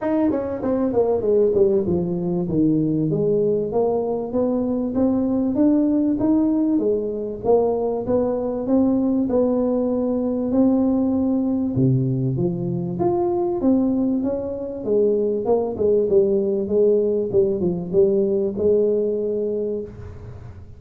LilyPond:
\new Staff \with { instrumentName = "tuba" } { \time 4/4 \tempo 4 = 97 dis'8 cis'8 c'8 ais8 gis8 g8 f4 | dis4 gis4 ais4 b4 | c'4 d'4 dis'4 gis4 | ais4 b4 c'4 b4~ |
b4 c'2 c4 | f4 f'4 c'4 cis'4 | gis4 ais8 gis8 g4 gis4 | g8 f8 g4 gis2 | }